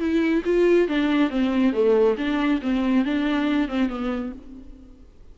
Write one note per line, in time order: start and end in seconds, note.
0.00 0.43 E4
0.45 0.88 F4
0.88 1.30 D4
1.30 1.73 C4
1.73 2.17 A3
2.18 2.61 D4
2.62 3.05 C4
3.05 3.69 D4
3.69 3.90 C4
3.90 4.33 B3